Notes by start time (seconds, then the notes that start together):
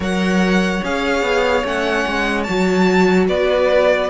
0.00 F#3 A#4 C#5 F#5
0.83 C#4 G#4 F5
1.22 B3
1.63 A3 C#4 F#5
2.06 G#3
2.43 F#3 F#4 A5
3.28 B3 B4 D5